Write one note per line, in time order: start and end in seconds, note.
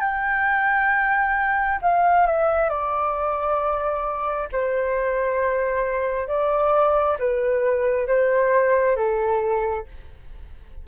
0.00 1.79 G5
1.82 2.26 F5
2.26 2.69 E5
2.69 4.48 D5
4.52 6.28 C5
6.28 7.17 D5
7.19 8.07 B4
8.07 8.96 C5
8.96 9.85 A4